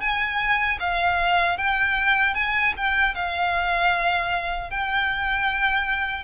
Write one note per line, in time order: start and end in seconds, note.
0.00 0.78 G#5
0.79 1.57 F5
1.57 2.34 G5
2.34 2.73 G#5
2.76 3.15 G5
3.15 4.70 F5
4.70 6.23 G5